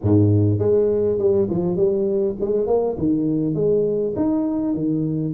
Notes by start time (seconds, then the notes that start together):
0.02 G#2
0.58 G#3
1.18 G3
1.50 F3
1.76 G3
2.40 G#3
2.66 A#3
2.97 D#3
3.54 G#3
4.16 D#4
4.74 D#3